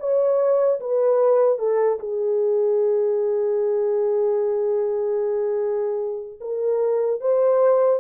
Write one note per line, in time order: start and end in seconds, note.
0.00 0.80 C#5
0.81 1.59 B4
1.59 1.99 A4
2.00 6.40 G#4
6.41 7.21 A#4
7.21 8.00 C5